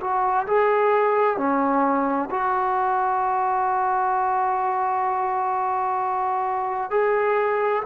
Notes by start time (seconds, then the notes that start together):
0.00 F#4
0.47 G#4
1.37 C#4
2.30 F#4
6.90 G#4